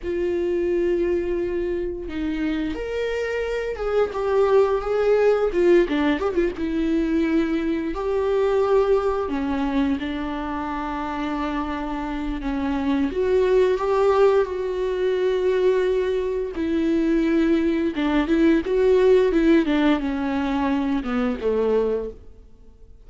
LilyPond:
\new Staff \with { instrumentName = "viola" } { \time 4/4 \tempo 4 = 87 f'2. dis'4 | ais'4. gis'8 g'4 gis'4 | f'8 d'8 g'16 f'16 e'2 g'8~ | g'4. cis'4 d'4.~ |
d'2 cis'4 fis'4 | g'4 fis'2. | e'2 d'8 e'8 fis'4 | e'8 d'8 cis'4. b8 a4 | }